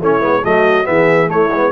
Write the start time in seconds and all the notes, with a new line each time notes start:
0.00 A3 C#4 E4 C#5
0.21 G#3 B3
0.45 F#3 A3 F#4 D#5
0.85 E3 B3 G#4 E5
1.28 A3 E4 C#5
1.51 G#3 B3